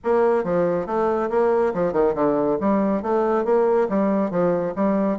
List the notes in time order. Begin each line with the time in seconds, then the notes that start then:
0.03 A#3
0.43 F3
0.86 A3
1.30 A#3
1.74 F3
1.92 D#3
2.14 D3
2.60 G3
3.02 A3
3.44 A#3
3.89 G3
4.30 F3
4.75 G3